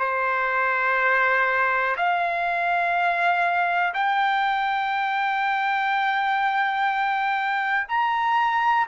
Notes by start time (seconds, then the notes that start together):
0.00 C5
1.98 F5
3.94 G5
7.89 A#5